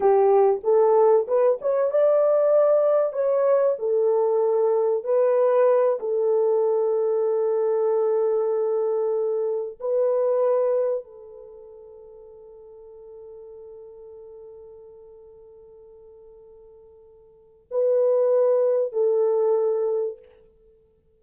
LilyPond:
\new Staff \with { instrumentName = "horn" } { \time 4/4 \tempo 4 = 95 g'4 a'4 b'8 cis''8 d''4~ | d''4 cis''4 a'2 | b'4. a'2~ a'8~ | a'2.~ a'8 b'8~ |
b'4. a'2~ a'8~ | a'1~ | a'1 | b'2 a'2 | }